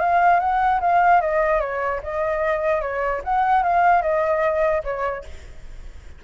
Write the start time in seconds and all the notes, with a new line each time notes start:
0.00 F5
0.40 F#5
0.81 F5
1.21 D#5
1.60 C#5
2.03 D#5
2.81 C#5
3.24 F#5
3.63 F5
4.02 D#5
4.84 C#5